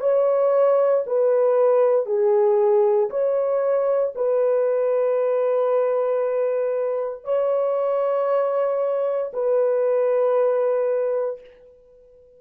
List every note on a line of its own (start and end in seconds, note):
0.00 1.03 C#5
1.06 2.06 B4
2.06 3.09 G#4
3.10 4.13 C#5
4.15 7.24 B4
7.24 9.31 C#5
9.33 11.40 B4